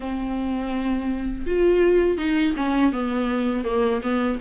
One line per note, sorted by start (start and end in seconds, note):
0.00 1.45 C4
1.46 2.18 F4
2.18 2.54 D#4
2.56 2.92 C#4
2.92 3.64 B3
3.64 4.01 A#3
4.02 4.39 B3